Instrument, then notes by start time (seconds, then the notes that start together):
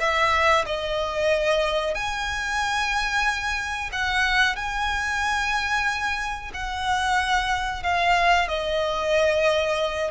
violin
0.00 E5
0.66 D#5
1.94 G#5
3.92 F#5
4.56 G#5
6.54 F#5
7.83 F5
8.48 D#5